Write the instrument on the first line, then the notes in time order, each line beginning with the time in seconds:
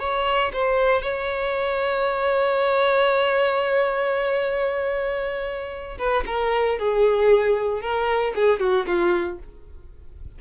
violin
0.00 C#5
0.54 C5
1.02 C#5
5.99 B4
6.27 A#4
6.79 G#4
7.82 A#4
8.35 G#4
8.60 F#4
8.87 F4